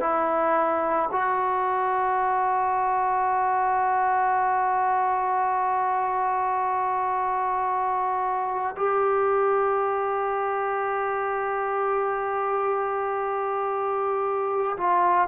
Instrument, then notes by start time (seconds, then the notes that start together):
trombone
0.00 E4
1.12 F#4
8.77 G4
14.77 F4